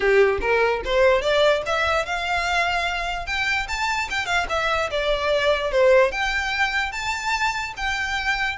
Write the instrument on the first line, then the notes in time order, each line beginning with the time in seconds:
violin
0.00 G4
0.41 A#4
0.84 C5
1.21 D5
1.65 E5
2.05 F5
3.26 G5
3.68 A5
4.09 G5
4.26 F5
4.49 E5
4.90 D5
5.71 C5
6.11 G5
6.92 A5
7.76 G5